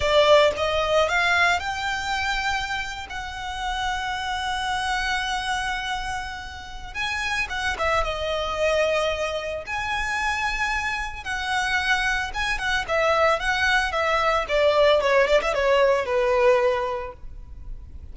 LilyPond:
\new Staff \with { instrumentName = "violin" } { \time 4/4 \tempo 4 = 112 d''4 dis''4 f''4 g''4~ | g''4.~ g''16 fis''2~ fis''16~ | fis''1~ | fis''4 gis''4 fis''8 e''8 dis''4~ |
dis''2 gis''2~ | gis''4 fis''2 gis''8 fis''8 | e''4 fis''4 e''4 d''4 | cis''8 d''16 e''16 cis''4 b'2 | }